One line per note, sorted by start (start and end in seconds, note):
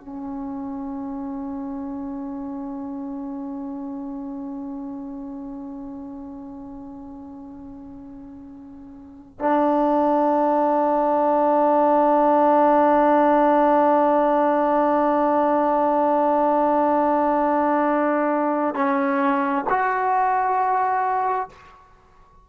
0.00 9.39 C#4
9.39 18.75 D4
18.75 19.64 C#4
19.69 21.48 F#4